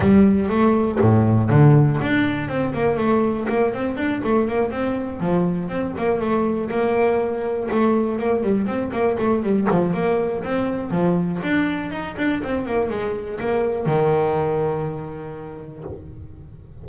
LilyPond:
\new Staff \with { instrumentName = "double bass" } { \time 4/4 \tempo 4 = 121 g4 a4 a,4 d4 | d'4 c'8 ais8 a4 ais8 c'8 | d'8 a8 ais8 c'4 f4 c'8 | ais8 a4 ais2 a8~ |
a8 ais8 g8 c'8 ais8 a8 g8 f8 | ais4 c'4 f4 d'4 | dis'8 d'8 c'8 ais8 gis4 ais4 | dis1 | }